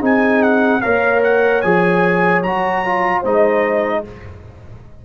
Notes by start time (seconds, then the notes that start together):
0.00 C4 D#4 G#4 G#5
0.42 F#5
0.81 A#3 A#4 C#5 F5
1.23 F#5
1.61 F3 G#4 G#5
2.42 F#3 F#4 A#5
2.85 F4
3.19 G#3 D#4 C5 D#5